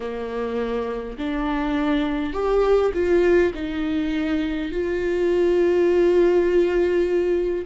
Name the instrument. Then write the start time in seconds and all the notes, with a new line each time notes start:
viola
0.00 A#3
1.17 D4
2.33 G4
2.94 F4
3.54 D#4
4.71 F4